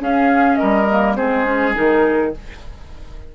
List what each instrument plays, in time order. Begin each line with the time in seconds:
0.00 bassoon C#4, clarinet C#4, oboe G#4, flute F5
0.55 oboe A#4, flute D#5
0.62 bassoon G3
0.90 clarinet A#3
1.16 bassoon G#3, clarinet C4, oboe G#4, flute C5
1.45 clarinet C#4
1.75 bassoon D#3, clarinet D#4, flute A#4